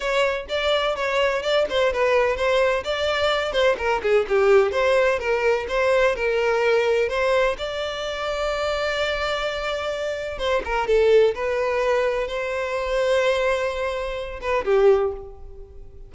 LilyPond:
\new Staff \with { instrumentName = "violin" } { \time 4/4 \tempo 4 = 127 cis''4 d''4 cis''4 d''8 c''8 | b'4 c''4 d''4. c''8 | ais'8 gis'8 g'4 c''4 ais'4 | c''4 ais'2 c''4 |
d''1~ | d''2 c''8 ais'8 a'4 | b'2 c''2~ | c''2~ c''8 b'8 g'4 | }